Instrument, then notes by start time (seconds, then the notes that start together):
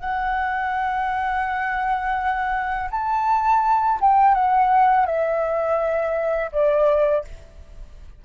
flute
0.00 F#5
2.90 A5
4.01 G5
4.34 F#5
5.06 E5
6.52 D5